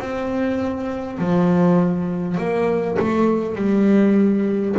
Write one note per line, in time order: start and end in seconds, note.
0.00 1.19 C4
1.19 2.38 F3
2.38 2.98 A#3
2.99 3.56 A3
3.56 4.76 G3